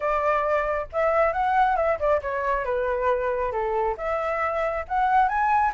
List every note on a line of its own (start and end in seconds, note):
0.00 0.86 D5
0.92 1.32 E5
1.32 1.76 F#5
1.76 1.98 E5
1.99 2.21 D5
2.21 2.64 C#5
2.64 3.52 B4
3.52 3.96 A4
3.97 4.85 E5
4.87 5.28 F#5
5.28 5.72 G#5